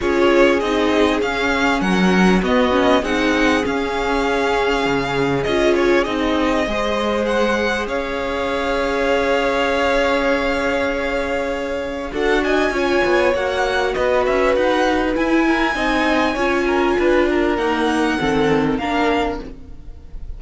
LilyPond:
<<
  \new Staff \with { instrumentName = "violin" } { \time 4/4 \tempo 4 = 99 cis''4 dis''4 f''4 fis''4 | dis''4 fis''4 f''2~ | f''4 dis''8 cis''8 dis''2 | fis''4 f''2.~ |
f''1 | fis''8 gis''4. fis''4 dis''8 e''8 | fis''4 gis''2.~ | gis''4 fis''2 f''4 | }
  \new Staff \with { instrumentName = "violin" } { \time 4/4 gis'2. ais'4 | fis'4 gis'2.~ | gis'2. c''4~ | c''4 cis''2.~ |
cis''1 | a'8 dis''8 cis''2 b'4~ | b'4. ais'8 dis''4 cis''8 ais'8 | b'8 ais'4. a'4 ais'4 | }
  \new Staff \with { instrumentName = "viola" } { \time 4/4 f'4 dis'4 cis'2 | b8 cis'8 dis'4 cis'2~ | cis'4 f'4 dis'4 gis'4~ | gis'1~ |
gis'1 | fis'4 f'4 fis'2~ | fis'4 e'4 dis'4 f'4~ | f'4 ais4 c'4 d'4 | }
  \new Staff \with { instrumentName = "cello" } { \time 4/4 cis'4 c'4 cis'4 fis4 | b4 c'4 cis'2 | cis4 cis'4 c'4 gis4~ | gis4 cis'2.~ |
cis'1 | d'4 cis'8 b8 ais4 b8 cis'8 | dis'4 e'4 c'4 cis'4 | d'4 dis'4 dis4 ais4 | }
>>